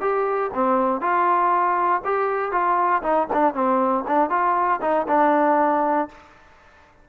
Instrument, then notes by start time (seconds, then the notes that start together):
trombone
0.00 G4
0.53 C4
1.00 F4
2.04 G4
2.51 F4
3.02 D#4
3.33 D4
3.54 C4
4.07 D4
4.29 F4
4.81 D#4
5.07 D4